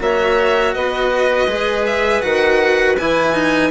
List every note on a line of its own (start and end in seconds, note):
0.00 0.75 A#3
0.00 1.48 F#4
0.00 0.75 C#5
0.00 0.74 E5
0.74 1.47 B3
0.74 3.71 B4
0.74 1.85 D#5
1.47 2.21 G#3
1.47 2.22 G#4
1.86 2.22 E5
2.22 2.98 D#3
2.22 2.96 F#4
2.22 2.96 F#5
2.98 3.71 E3
2.98 3.34 E4
2.98 3.71 G#5
3.34 3.71 D#4